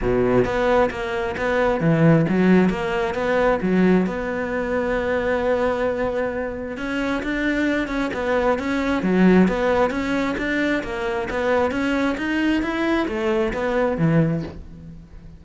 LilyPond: \new Staff \with { instrumentName = "cello" } { \time 4/4 \tempo 4 = 133 b,4 b4 ais4 b4 | e4 fis4 ais4 b4 | fis4 b2.~ | b2. cis'4 |
d'4. cis'8 b4 cis'4 | fis4 b4 cis'4 d'4 | ais4 b4 cis'4 dis'4 | e'4 a4 b4 e4 | }